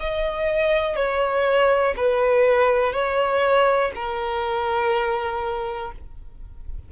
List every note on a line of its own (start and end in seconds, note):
0.00 0.96 D#5
0.96 1.94 C#5
1.96 2.93 B4
2.93 3.91 C#5
3.95 5.92 A#4